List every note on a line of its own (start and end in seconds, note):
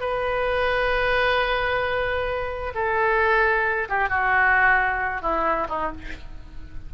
0.00 2.73 B4
2.74 3.88 A4
3.89 4.09 G4
4.09 5.22 F#4
5.22 5.67 E4
5.69 5.92 D#4